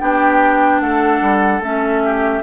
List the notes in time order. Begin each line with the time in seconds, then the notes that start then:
0.00 B3 D4 G4 G5
0.80 A3 A4 F#5
1.21 G3
1.60 A3 C#4 E5
2.04 G4